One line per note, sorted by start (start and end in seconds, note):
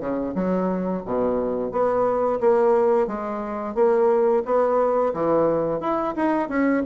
0.00 0.34 C#3
0.35 1.03 F#3
1.05 1.71 B2
1.71 2.40 B3
2.40 3.07 A#3
3.07 3.75 G#3
3.75 4.43 A#3
4.45 5.13 B3
5.14 5.80 E3
5.80 6.15 E4
6.16 6.49 D#4
6.49 6.83 C#4